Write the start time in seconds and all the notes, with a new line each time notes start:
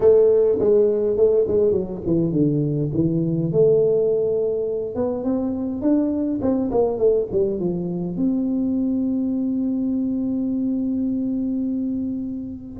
0.00 A3
0.59 G#3
1.16 A3
1.47 G#3
1.71 F#3
2.05 E3
2.32 D3
2.93 E3
3.52 A3
4.95 B3
5.23 C4
5.81 D4
6.41 C4
6.71 A#3
6.97 A3
7.31 G3
7.59 F3
8.16 C4